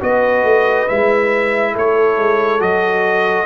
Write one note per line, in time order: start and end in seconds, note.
0.00 0.43 B3
0.00 0.87 F#4
0.00 1.73 B4
0.00 0.88 D#5
0.43 0.87 A3
0.88 1.75 G#3
0.88 2.59 E4
0.88 1.75 E5
1.73 2.17 A3
1.73 3.46 A4
1.73 2.61 C#5
2.17 2.61 G#3
2.59 3.46 F#3
2.59 3.46 F#4
2.59 3.46 D#5